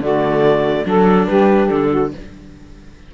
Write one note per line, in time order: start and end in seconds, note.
0.00 0.85 D3
0.00 0.86 A3
0.00 0.85 F#4
0.00 0.87 D5
0.86 1.28 F#3
0.86 2.12 D4
0.86 1.28 A4
0.86 1.27 A4
1.27 1.71 G3
1.27 1.91 G4
1.27 1.69 B4
1.69 2.14 D3
1.69 2.11 A4
1.91 2.12 F#4